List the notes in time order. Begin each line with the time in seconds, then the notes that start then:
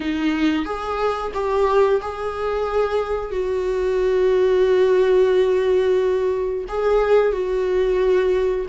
0.00 D#4
0.65 G#4
1.34 G4
2.01 G#4
3.31 F#4
6.68 G#4
7.32 F#4